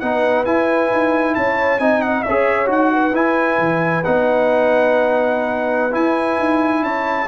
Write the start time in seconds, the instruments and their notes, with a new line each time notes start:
0.00 tuba B3, trombone D#4, horn B4, trumpet F#5
0.45 trombone E4, tuba E4, trumpet G#5
0.92 tuba D#4
1.35 tuba C#4, horn C#5, trumpet A5
1.79 tuba C4, trombone D#4, horn D#5, trumpet G#5
2.02 trumpet F#5
2.23 tuba C#4, horn C#5, trumpet E5
2.29 trombone G#4
2.66 tuba D#4, trombone F#4, trumpet F#5
2.93 horn B4
3.13 tuba E4, trombone E4, trumpet G#5
3.59 tuba E3
4.04 tuba B3, trombone D#4, trumpet F#5
5.91 trombone E4, tuba E4, trumpet G#5
6.38 tuba D#4
6.82 tuba C#4, horn C#5, trumpet A5